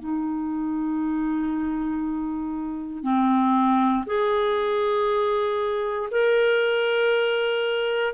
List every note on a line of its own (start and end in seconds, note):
0.00 3.03 D#4
3.03 4.05 C4
4.06 6.10 G#4
6.12 8.14 A#4